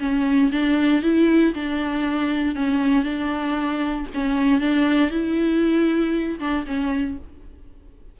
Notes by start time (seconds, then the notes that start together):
0.00 C#4
0.52 D4
1.03 E4
1.54 D4
2.56 C#4
3.04 D4
4.14 C#4
4.61 D4
5.11 E4
6.39 D4
6.67 C#4